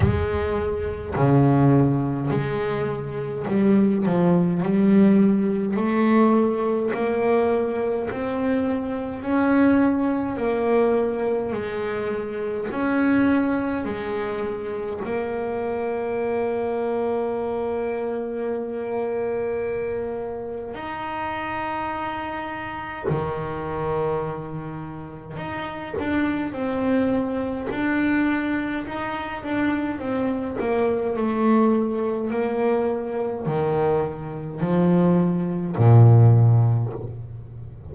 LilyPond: \new Staff \with { instrumentName = "double bass" } { \time 4/4 \tempo 4 = 52 gis4 cis4 gis4 g8 f8 | g4 a4 ais4 c'4 | cis'4 ais4 gis4 cis'4 | gis4 ais2.~ |
ais2 dis'2 | dis2 dis'8 d'8 c'4 | d'4 dis'8 d'8 c'8 ais8 a4 | ais4 dis4 f4 ais,4 | }